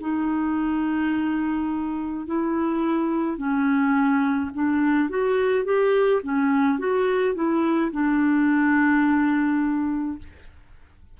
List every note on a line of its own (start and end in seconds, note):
0.00 2.26 D#4
2.26 3.37 E4
3.37 4.50 C#4
4.53 5.09 D4
5.09 5.64 F#4
5.64 6.21 G4
6.23 6.78 C#4
6.78 7.35 F#4
7.35 7.91 E4
7.91 10.18 D4